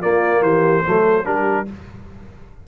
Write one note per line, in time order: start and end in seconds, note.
0.00 0.84 A#3
0.00 0.42 A#3
0.00 0.41 F4
0.00 0.42 D5
0.42 0.83 E3
0.42 0.84 G4
0.42 1.25 C5
0.85 1.26 F#3
0.85 1.24 A3
0.85 1.26 A4
1.24 1.67 G3
1.24 1.65 D4
1.24 1.67 G4
1.24 1.66 A#4